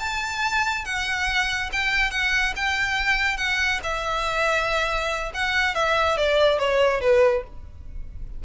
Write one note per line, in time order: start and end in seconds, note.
0.00 0.85 A5
0.85 1.70 F#5
1.73 2.11 G5
2.11 2.54 F#5
2.56 3.38 G5
3.38 3.80 F#5
3.83 5.32 E5
5.34 5.75 F#5
5.75 6.17 E5
6.17 6.59 D5
6.59 7.01 C#5
7.01 7.44 B4